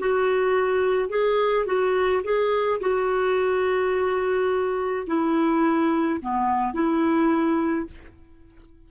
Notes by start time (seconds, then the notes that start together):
0.00 F#4
1.09 G#4
1.66 F#4
2.24 G#4
2.81 F#4
5.07 E4
6.21 B3
6.74 E4